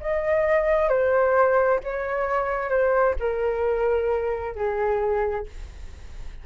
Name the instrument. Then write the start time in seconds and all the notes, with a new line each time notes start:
flute
0.00 D#5
0.88 C5
1.83 C#5
2.69 C5
3.20 A#4
4.55 G#4